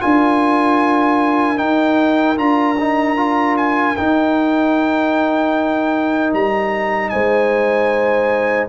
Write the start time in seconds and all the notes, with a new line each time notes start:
0.00 D4 F4 A#4 G#5
1.57 D#4 G5
2.36 D4 F4 A#5
2.79 D#4
3.16 F4
3.57 G#5
3.96 D#4 G5
6.33 G3 A#5
7.09 G#3 C5 G#5